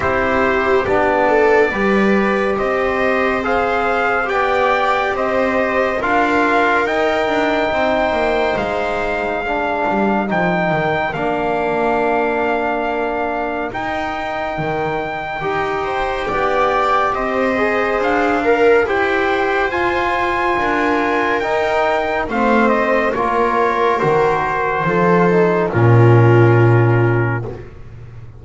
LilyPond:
<<
  \new Staff \with { instrumentName = "trumpet" } { \time 4/4 \tempo 4 = 70 c''4 d''2 dis''4 | f''4 g''4 dis''4 f''4 | g''2 f''2 | g''4 f''2. |
g''1 | dis''4 f''4 g''4 gis''4~ | gis''4 g''4 f''8 dis''8 cis''4 | c''2 ais'2 | }
  \new Staff \with { instrumentName = "viola" } { \time 4/4 g'4. a'8 b'4 c''4~ | c''4 d''4 c''4 ais'4~ | ais'4 c''2 ais'4~ | ais'1~ |
ais'2~ ais'8 c''8 d''4 | c''4. ais'8 c''2 | ais'2 c''4 ais'4~ | ais'4 a'4 f'2 | }
  \new Staff \with { instrumentName = "trombone" } { \time 4/4 e'4 d'4 g'2 | gis'4 g'2 f'4 | dis'2. d'4 | dis'4 d'2. |
dis'2 g'2~ | g'8 gis'4 ais'8 g'4 f'4~ | f'4 dis'4 c'4 f'4 | fis'4 f'8 dis'8 cis'2 | }
  \new Staff \with { instrumentName = "double bass" } { \time 4/4 c'4 b4 g4 c'4~ | c'4 b4 c'4 d'4 | dis'8 d'8 c'8 ais8 gis4. g8 | f8 dis8 ais2. |
dis'4 dis4 dis'4 b4 | c'4 d'4 e'4 f'4 | d'4 dis'4 a4 ais4 | dis4 f4 ais,2 | }
>>